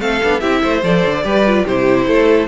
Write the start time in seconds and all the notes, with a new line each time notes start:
0.00 A3 C4 A4 F5
0.23 B3 D4
0.40 C4 E4 G4 E5
0.62 A3 C5
0.83 F3 A4 D5
1.05 D3
1.23 G3 G4 B4
1.46 F4
1.65 C3 E4 G4 C5
2.07 A3 A4